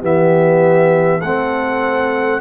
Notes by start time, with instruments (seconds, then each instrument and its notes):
0.00 tuba E3, trombone B3, horn G4, trumpet E5
1.20 tuba A3, trombone C4, horn A4, trumpet F#5